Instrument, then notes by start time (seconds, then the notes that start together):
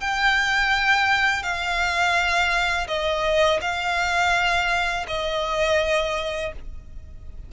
violin
0.00 G5
1.42 F5
2.88 D#5
3.61 F5
5.07 D#5